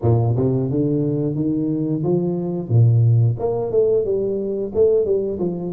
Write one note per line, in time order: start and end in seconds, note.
0.02 0.35 A#2
0.36 0.70 C3
0.70 1.35 D3
1.35 2.02 D#3
2.03 2.68 F3
2.68 3.36 A#2
3.39 3.71 A#3
3.71 4.04 A3
4.04 4.72 G3
4.74 5.05 A3
5.05 5.38 G3
5.39 5.72 F3